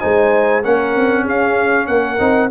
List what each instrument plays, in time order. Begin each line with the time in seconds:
0.00 tuba G#3, trombone D#4, horn C5, trumpet G#5
0.63 tuba A#3, trombone C#4, horn A#4, trumpet F#5
0.96 tuba C4
1.23 tuba C#4, horn G#4, trumpet F5
1.87 tuba A#3, horn A#4, trumpet F#5
2.19 tuba C4, trombone D#4